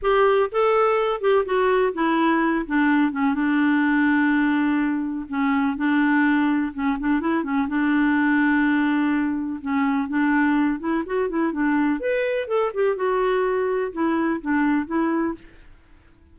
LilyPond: \new Staff \with { instrumentName = "clarinet" } { \time 4/4 \tempo 4 = 125 g'4 a'4. g'8 fis'4 | e'4. d'4 cis'8 d'4~ | d'2. cis'4 | d'2 cis'8 d'8 e'8 cis'8 |
d'1 | cis'4 d'4. e'8 fis'8 e'8 | d'4 b'4 a'8 g'8 fis'4~ | fis'4 e'4 d'4 e'4 | }